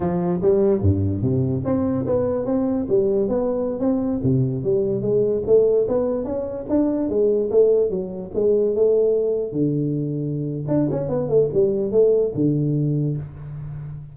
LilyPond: \new Staff \with { instrumentName = "tuba" } { \time 4/4 \tempo 4 = 146 f4 g4 g,4 c4 | c'4 b4 c'4 g4 | b4~ b16 c'4 c4 g8.~ | g16 gis4 a4 b4 cis'8.~ |
cis'16 d'4 gis4 a4 fis8.~ | fis16 gis4 a2 d8.~ | d2 d'8 cis'8 b8 a8 | g4 a4 d2 | }